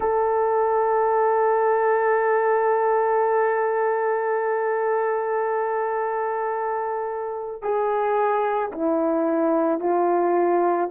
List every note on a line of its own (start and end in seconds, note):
0.00 7.62 A4
7.62 8.71 G#4
8.72 9.80 E4
9.80 10.89 F4